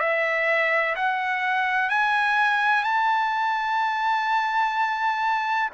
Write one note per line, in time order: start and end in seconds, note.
0.00 0.95 E5
0.95 1.90 F#5
1.90 2.84 G#5
2.84 5.69 A5